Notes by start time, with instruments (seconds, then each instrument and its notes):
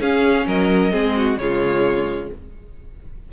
0.00 cello C#4, viola C#4, violin G#4 F5
0.47 cello F#3, violin A#4 D#5
0.91 cello G#3, viola C4, violin G#4
1.17 violin F#4
1.37 cello C#3, viola G#3, violin F4 C#5